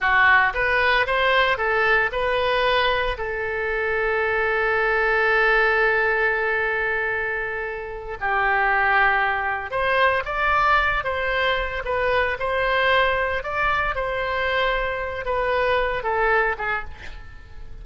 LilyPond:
\new Staff \with { instrumentName = "oboe" } { \time 4/4 \tempo 4 = 114 fis'4 b'4 c''4 a'4 | b'2 a'2~ | a'1~ | a'2.~ a'8 g'8~ |
g'2~ g'8 c''4 d''8~ | d''4 c''4. b'4 c''8~ | c''4. d''4 c''4.~ | c''4 b'4. a'4 gis'8 | }